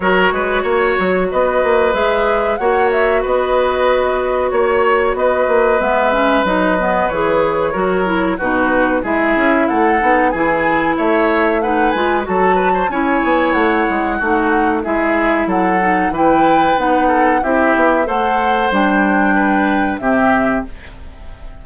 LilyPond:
<<
  \new Staff \with { instrumentName = "flute" } { \time 4/4 \tempo 4 = 93 cis''2 dis''4 e''4 | fis''8 e''8 dis''2 cis''4 | dis''4 e''4 dis''4 cis''4~ | cis''4 b'4 e''4 fis''4 |
gis''4 e''4 fis''8 gis''8 a''4 | gis''4 fis''2 e''4 | fis''4 g''4 fis''4 e''4 | fis''4 g''2 e''4 | }
  \new Staff \with { instrumentName = "oboe" } { \time 4/4 ais'8 b'8 cis''4 b'2 | cis''4 b'2 cis''4 | b'1 | ais'4 fis'4 gis'4 a'4 |
gis'4 cis''4 b'4 a'8 b'16 c''16 | cis''2 fis'4 gis'4 | a'4 b'4. a'8 g'4 | c''2 b'4 g'4 | }
  \new Staff \with { instrumentName = "clarinet" } { \time 4/4 fis'2. gis'4 | fis'1~ | fis'4 b8 cis'8 dis'8 b8 gis'4 | fis'8 e'8 dis'4 e'4. dis'8 |
e'2 dis'8 f'8 fis'4 | e'2 dis'4 e'4~ | e'8 dis'8 e'4 dis'4 e'4 | a'4 d'2 c'4 | }
  \new Staff \with { instrumentName = "bassoon" } { \time 4/4 fis8 gis8 ais8 fis8 b8 ais8 gis4 | ais4 b2 ais4 | b8 ais8 gis4 fis4 e4 | fis4 b,4 gis8 cis'8 a8 b8 |
e4 a4. gis8 fis4 | cis'8 b8 a8 gis8 a4 gis4 | fis4 e4 b4 c'8 b8 | a4 g2 c4 | }
>>